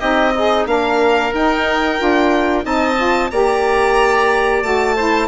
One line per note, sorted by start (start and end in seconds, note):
0.00 0.66 C4
0.00 0.34 D#4
0.00 0.34 G4
0.00 0.66 D#5
0.35 0.68 D#4
0.35 0.66 G#4
0.66 1.32 A#3
0.66 1.32 D4
0.66 2.65 A#4
0.66 1.33 F5
1.34 1.98 D#4
1.34 1.99 D#4
1.34 2.65 G5
1.98 2.65 D4
1.98 2.63 F4
2.63 3.31 C4
2.63 2.96 D#4
2.63 3.31 D#5
2.63 3.31 A5
2.97 3.30 F4
3.31 4.63 A#3
3.31 4.63 G4
3.31 4.96 D5
3.31 4.63 A#5
4.63 5.28 A3
4.63 4.96 F#4
4.63 5.28 A5
4.96 5.28 E4
4.96 5.28 C5